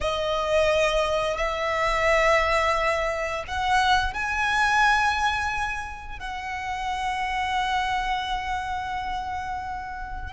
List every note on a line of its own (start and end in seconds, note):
0.01 1.37 D#5
1.37 3.44 E5
3.47 4.13 F#5
4.13 6.19 G#5
6.19 10.33 F#5